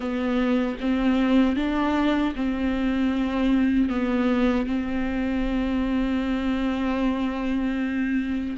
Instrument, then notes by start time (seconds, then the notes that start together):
viola
0.00 B3
0.80 C4
1.55 D4
2.35 C4
3.89 B3
4.66 C4